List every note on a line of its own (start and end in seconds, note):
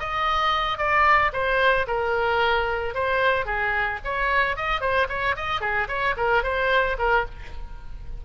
0.00 0.79 D#5
0.79 1.32 D5
1.33 1.87 C5
1.87 2.95 A#4
2.95 3.46 C5
3.46 4.00 G#4
4.05 4.57 C#5
4.57 4.81 D#5
4.81 5.08 C5
5.09 5.36 C#5
5.37 5.61 D#5
5.61 5.88 G#4
5.89 6.16 C#5
6.17 6.44 A#4
6.44 6.97 C5
6.99 7.26 A#4